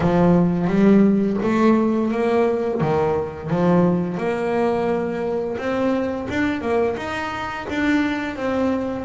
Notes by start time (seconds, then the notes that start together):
0.00 F3
0.67 G3
1.42 A3
2.11 A#3
2.80 D#3
3.49 F3
4.17 A#3
5.58 C4
6.29 D4
6.61 A#3
6.96 D#4
7.69 D4
8.36 C4